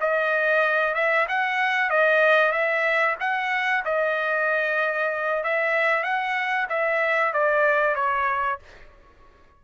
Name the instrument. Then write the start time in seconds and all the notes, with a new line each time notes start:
trumpet
0.00 D#5
0.94 E5
1.28 F#5
1.89 D#5
2.52 E5
3.20 F#5
3.84 D#5
5.43 E5
6.03 F#5
6.69 E5
7.33 D5
7.95 C#5